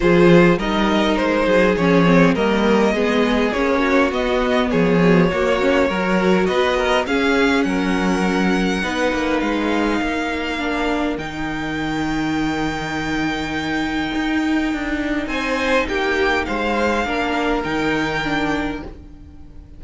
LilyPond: <<
  \new Staff \with { instrumentName = "violin" } { \time 4/4 \tempo 4 = 102 c''4 dis''4 c''4 cis''4 | dis''2 cis''4 dis''4 | cis''2. dis''4 | f''4 fis''2. |
f''2. g''4~ | g''1~ | g''2 gis''4 g''4 | f''2 g''2 | }
  \new Staff \with { instrumentName = "violin" } { \time 4/4 gis'4 ais'4. gis'4. | ais'4 gis'4. fis'4. | gis'4 fis'4 ais'4 b'8 ais'8 | gis'4 ais'2 b'4~ |
b'4 ais'2.~ | ais'1~ | ais'2 c''4 g'4 | c''4 ais'2. | }
  \new Staff \with { instrumentName = "viola" } { \time 4/4 f'4 dis'2 cis'8 c'8 | ais4 b4 cis'4 b4~ | b8 b,8 ais8 cis'8 fis'2 | cis'2. dis'4~ |
dis'2 d'4 dis'4~ | dis'1~ | dis'1~ | dis'4 d'4 dis'4 d'4 | }
  \new Staff \with { instrumentName = "cello" } { \time 4/4 f4 g4 gis8 fis8 f4 | g4 gis4 ais4 b4 | f4 ais4 fis4 b4 | cis'4 fis2 b8 ais8 |
gis4 ais2 dis4~ | dis1 | dis'4 d'4 c'4 ais4 | gis4 ais4 dis2 | }
>>